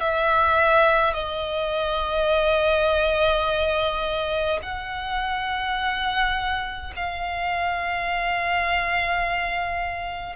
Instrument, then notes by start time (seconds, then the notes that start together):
violin
0.00 E5
1.14 D#5
4.63 F#5
6.96 F5